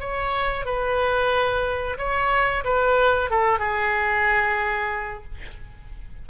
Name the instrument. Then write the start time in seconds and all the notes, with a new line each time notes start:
oboe
0.00 C#5
0.66 B4
1.98 C#5
2.64 B4
3.31 A4
3.59 G#4